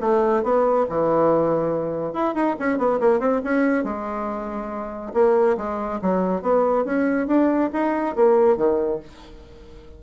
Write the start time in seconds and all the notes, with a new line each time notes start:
0.00 A3
0.43 B3
0.89 E3
2.13 E4
2.34 D#4
2.59 C#4
2.78 B3
3.00 A#3
3.19 C4
3.43 C#4
3.84 G#3
5.13 A#3
5.57 G#3
6.01 F#3
6.42 B3
6.84 C#4
7.27 D4
7.72 D#4
8.15 A#3
8.56 D#3